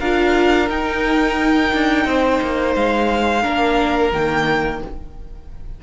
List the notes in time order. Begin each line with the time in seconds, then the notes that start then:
0.00 D4 F4 A#4 F5
0.69 D#4 G5
1.74 D4
2.05 C4 C5
2.42 A#3
2.75 G#3 F5
3.43 A#3 D4 A#4
4.13 D#3 A#3 G5